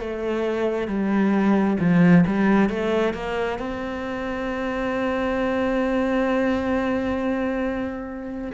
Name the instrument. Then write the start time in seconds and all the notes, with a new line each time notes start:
cello
0.00 A3
0.87 G3
1.80 F3
2.26 G3
2.69 A3
3.13 A#3
3.58 C4